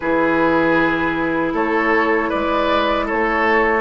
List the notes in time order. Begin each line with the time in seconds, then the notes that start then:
0.00 E3 E4 G#4 B4
1.53 A3 A4 C#5
2.29 G#3 B4 D5
3.05 A4 C#5
3.11 A3